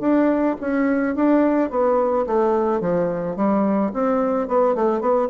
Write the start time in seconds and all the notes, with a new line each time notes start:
0.00 D4
0.61 C#4
1.15 D4
1.70 B3
2.27 A3
2.81 F3
3.36 G3
3.94 C4
4.48 B3
4.75 A3
5.01 B3